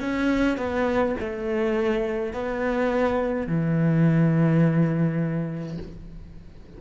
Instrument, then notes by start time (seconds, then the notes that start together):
cello
0.00 C#4
0.57 B3
1.20 A3
2.33 B3
3.47 E3